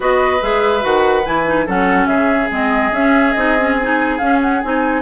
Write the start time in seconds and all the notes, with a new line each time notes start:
0.00 B3 F#4 B4 D#5
0.41 G#3 G#4 E5
0.81 D#3 F#4 F#5
1.24 E3 E4 G#5
1.46 D#4
1.66 F#3 C#4 A4 F#5
2.07 C#3 G#4 E5
2.50 G#3 C4 D#5
2.91 C#4 E5
3.32 C4 D#4 D#5
3.58 C#4
3.78 D#4 G#5
4.18 C#4 F5
4.41 F#5
4.61 C4 D#4 G#5